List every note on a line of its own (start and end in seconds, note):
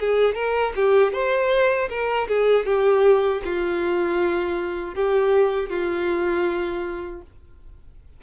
0.00 0.35 G#4
0.35 0.73 A#4
0.76 1.13 G4
1.13 1.89 C5
1.90 2.28 A#4
2.28 2.66 G#4
2.66 3.42 G4
3.45 4.95 F4
4.95 5.70 G4
5.70 7.22 F4